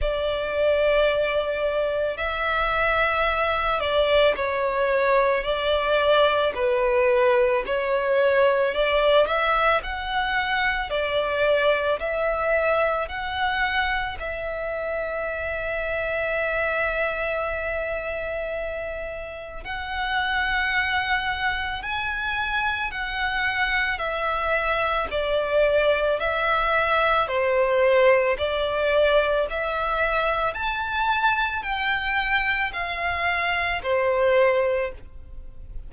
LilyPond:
\new Staff \with { instrumentName = "violin" } { \time 4/4 \tempo 4 = 55 d''2 e''4. d''8 | cis''4 d''4 b'4 cis''4 | d''8 e''8 fis''4 d''4 e''4 | fis''4 e''2.~ |
e''2 fis''2 | gis''4 fis''4 e''4 d''4 | e''4 c''4 d''4 e''4 | a''4 g''4 f''4 c''4 | }